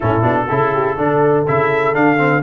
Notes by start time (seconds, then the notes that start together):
0.00 A2 C#4 E4 A4
0.22 B2 D4
0.48 C#3 E4 A4
0.73 G4
0.97 D3 D4 A4
1.47 C#3 E4 E5
1.93 D3 D4 F5
2.17 C4